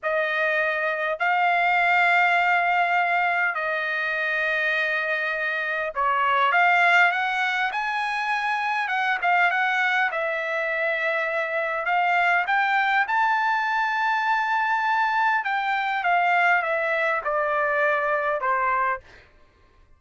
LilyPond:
\new Staff \with { instrumentName = "trumpet" } { \time 4/4 \tempo 4 = 101 dis''2 f''2~ | f''2 dis''2~ | dis''2 cis''4 f''4 | fis''4 gis''2 fis''8 f''8 |
fis''4 e''2. | f''4 g''4 a''2~ | a''2 g''4 f''4 | e''4 d''2 c''4 | }